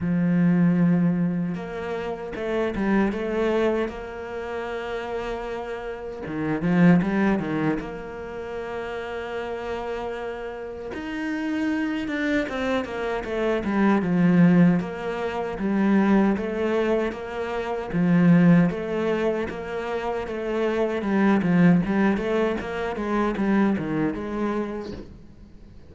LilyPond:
\new Staff \with { instrumentName = "cello" } { \time 4/4 \tempo 4 = 77 f2 ais4 a8 g8 | a4 ais2. | dis8 f8 g8 dis8 ais2~ | ais2 dis'4. d'8 |
c'8 ais8 a8 g8 f4 ais4 | g4 a4 ais4 f4 | a4 ais4 a4 g8 f8 | g8 a8 ais8 gis8 g8 dis8 gis4 | }